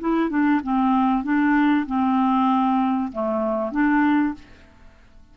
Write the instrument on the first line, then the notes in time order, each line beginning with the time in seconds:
clarinet
0.00 E4
0.30 D4
0.63 C4
1.24 D4
1.86 C4
3.12 A3
3.72 D4